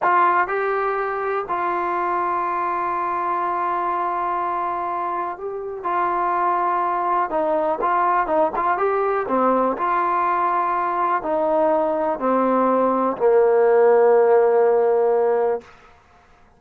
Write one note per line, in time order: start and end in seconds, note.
0.02 0.47 F4
0.47 1.45 G4
1.48 5.37 F4
5.37 5.83 G4
5.83 7.29 F4
7.30 7.78 D#4
7.81 8.27 F4
8.27 8.51 D#4
8.56 8.77 F4
8.77 9.26 G4
9.27 9.76 C4
9.77 11.22 F4
11.22 12.19 D#4
12.19 13.16 C4
13.17 15.61 A#3